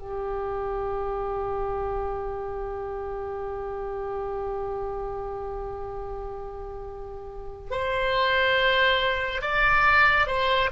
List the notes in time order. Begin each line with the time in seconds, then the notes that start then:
0.00 G4
7.71 C5
9.42 D5
10.27 C5